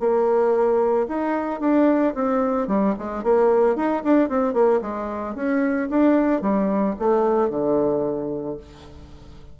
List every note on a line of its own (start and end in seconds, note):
0.00 1.07 A#3
1.08 1.60 D#4
1.60 2.14 D4
2.15 2.68 C4
2.68 2.95 G3
2.99 3.24 G#3
3.24 3.76 A#3
3.76 4.03 D#4
4.04 4.30 D4
4.30 4.54 C4
4.54 4.81 A#3
4.82 5.35 G#3
5.35 5.89 C#4
5.90 6.42 D4
6.42 6.95 G3
6.99 7.50 A3
7.50 8.57 D3